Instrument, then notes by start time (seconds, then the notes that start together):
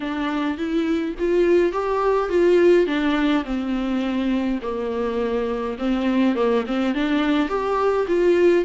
viola
0.00 D4
0.57 E4
1.19 F4
1.72 G4
2.29 F4
2.86 D4
3.44 C4
4.62 A#3
5.78 C4
6.35 A#3
6.66 C4
6.94 D4
7.48 G4
8.07 F4